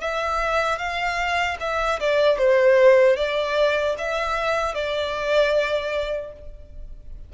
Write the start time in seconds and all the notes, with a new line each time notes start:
0.00 E5
0.78 F5
1.60 E5
2.00 D5
2.38 C5
3.16 D5
3.98 E5
4.74 D5